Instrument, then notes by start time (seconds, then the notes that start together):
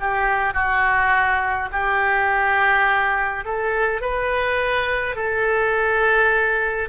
oboe
0.00 G4
0.53 F#4
1.72 G4
3.45 A4
4.01 B4
5.16 A4